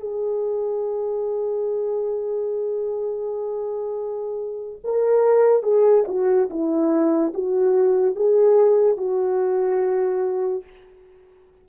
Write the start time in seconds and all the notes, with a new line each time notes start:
0.00 G#4
4.84 A#4
5.63 G#4
6.08 F#4
6.50 E4
7.34 F#4
8.16 G#4
8.97 F#4